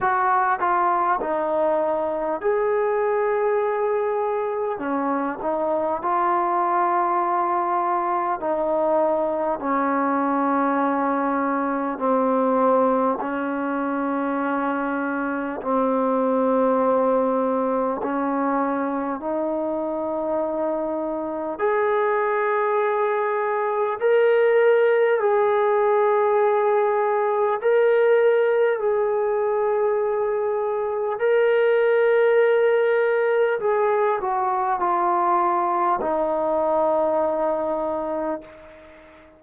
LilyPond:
\new Staff \with { instrumentName = "trombone" } { \time 4/4 \tempo 4 = 50 fis'8 f'8 dis'4 gis'2 | cis'8 dis'8 f'2 dis'4 | cis'2 c'4 cis'4~ | cis'4 c'2 cis'4 |
dis'2 gis'2 | ais'4 gis'2 ais'4 | gis'2 ais'2 | gis'8 fis'8 f'4 dis'2 | }